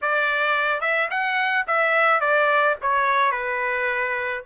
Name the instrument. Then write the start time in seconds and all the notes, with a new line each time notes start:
trumpet
0.01 D5
0.81 E5
1.10 F#5
1.67 E5
2.20 D5
2.81 C#5
3.31 B4